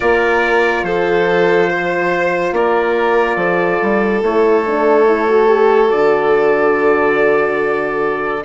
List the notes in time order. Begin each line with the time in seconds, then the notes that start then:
0.00 A#3 F4 A#4 D5
0.83 F3 A4 C5
1.69 C5
2.51 A#3 A#4 D5
3.36 F3 A4
3.81 G3
4.22 A3 E4 C#5
4.66 D4
5.06 E4
5.27 F#4
5.47 G4
5.87 D3 F#4 D5